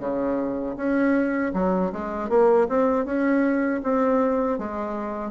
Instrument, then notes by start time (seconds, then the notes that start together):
bassoon
0.00 C#3
0.77 C#4
1.54 F#3
1.93 G#3
2.30 A#3
2.70 C4
3.06 C#4
3.84 C4
4.59 G#3